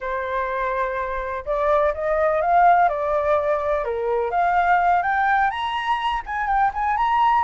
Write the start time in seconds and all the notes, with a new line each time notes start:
0.00 C5
1.45 D5
1.93 D#5
2.41 F5
2.88 D5
3.84 A#4
4.31 F5
5.02 G5
5.50 A#5
6.26 G#5
6.47 G5
6.73 G#5
6.96 A#5